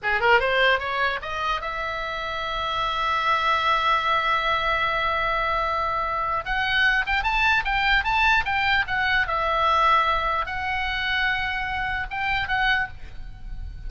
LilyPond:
\new Staff \with { instrumentName = "oboe" } { \time 4/4 \tempo 4 = 149 gis'8 ais'8 c''4 cis''4 dis''4 | e''1~ | e''1~ | e''1 |
fis''4. g''8 a''4 g''4 | a''4 g''4 fis''4 e''4~ | e''2 fis''2~ | fis''2 g''4 fis''4 | }